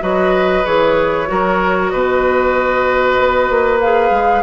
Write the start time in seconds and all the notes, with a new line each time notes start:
0.00 F#3 F#4 B4 D#5
0.64 E3 G#4 C#5
1.26 F#3 F#4 A#4
1.89 B2 B4 D#5
3.18 B3
3.49 A#3
3.81 G#4 F5
4.11 G#3